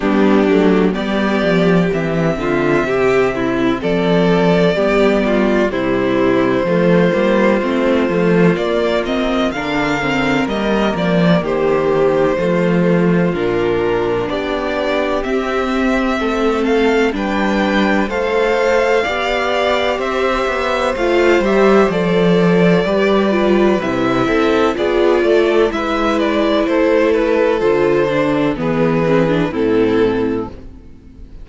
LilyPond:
<<
  \new Staff \with { instrumentName = "violin" } { \time 4/4 \tempo 4 = 63 g'4 d''4 e''2 | d''2 c''2~ | c''4 d''8 dis''8 f''4 dis''8 d''8 | c''2 ais'4 d''4 |
e''4. f''8 g''4 f''4~ | f''4 e''4 f''8 e''8 d''4~ | d''4 e''4 d''4 e''8 d''8 | c''8 b'8 c''4 b'4 a'4 | }
  \new Staff \with { instrumentName = "violin" } { \time 4/4 d'4 g'4. f'8 g'8 e'8 | a'4 g'8 f'8 e'4 f'4~ | f'2 ais'2 | g'4 f'2 g'4~ |
g'4 a'4 b'4 c''4 | d''4 c''2. | b'4. a'8 gis'8 a'8 b'4 | a'2 gis'4 e'4 | }
  \new Staff \with { instrumentName = "viola" } { \time 4/4 b8 a8 b4 c'2~ | c'4 b4 g4 a8 ais8 | c'8 a8 ais8 c'8 d'8 c'8 ais4~ | ais4 a4 d'2 |
c'2 d'4 a'4 | g'2 f'8 g'8 a'4 | g'8 f'8 e'4 f'4 e'4~ | e'4 f'8 d'8 b8 c'16 d'16 c'4 | }
  \new Staff \with { instrumentName = "cello" } { \time 4/4 g8 fis8 g8 f8 e8 d8 c4 | f4 g4 c4 f8 g8 | a8 f8 ais4 d4 g8 f8 | dis4 f4 ais,4 b4 |
c'4 a4 g4 a4 | b4 c'8 b8 a8 g8 f4 | g4 c8 c'8 b8 a8 gis4 | a4 d4 e4 a,4 | }
>>